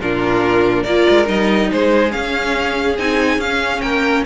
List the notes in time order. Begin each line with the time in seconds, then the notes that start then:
0.00 A#2 D4 F4 A#4
0.84 A#3 F4 A#4 D5
1.10 G#3
1.25 G3 D#4 D#5
1.72 G#3 G#4 C5
2.11 C#4 F5
2.99 C4 D#4 G#5
3.38 C#4 F5
3.81 A#3 A#4 G5